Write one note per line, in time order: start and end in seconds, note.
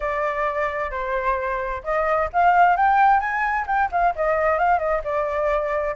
0.00 0.90 D5
0.90 1.82 C5
1.83 2.29 D#5
2.32 2.76 F5
2.76 3.20 G5
3.20 3.65 G#5
3.66 3.89 G5
3.91 4.14 F5
4.15 4.58 D#5
4.58 4.78 F5
4.78 5.01 D#5
5.04 5.95 D5